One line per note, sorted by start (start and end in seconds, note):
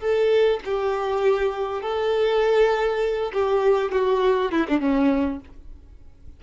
0.00 0.60 A4
0.65 1.82 G4
1.82 3.32 A4
3.33 3.92 G4
3.92 4.51 F#4
4.51 4.66 E4
4.68 4.80 D4
4.80 5.40 C#4